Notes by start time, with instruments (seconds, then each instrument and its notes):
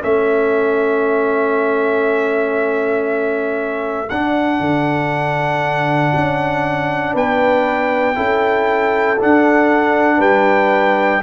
0.00 tuba A3, trombone C#4, horn A4, trumpet E5
4.09 tuba D4, trombone D4, trumpet F#5
4.59 tuba D3
6.15 tuba C#4
7.13 tuba B3, horn B4, trumpet G5
8.15 tuba C#4, trombone E4, horn A4
9.19 trombone D4, tuba D4, trumpet F#5
10.17 tuba G3, horn B4, trumpet G5